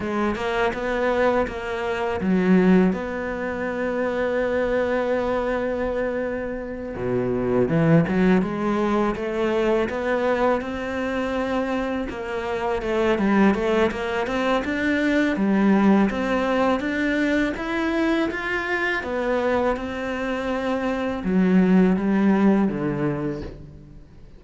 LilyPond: \new Staff \with { instrumentName = "cello" } { \time 4/4 \tempo 4 = 82 gis8 ais8 b4 ais4 fis4 | b1~ | b4. b,4 e8 fis8 gis8~ | gis8 a4 b4 c'4.~ |
c'8 ais4 a8 g8 a8 ais8 c'8 | d'4 g4 c'4 d'4 | e'4 f'4 b4 c'4~ | c'4 fis4 g4 d4 | }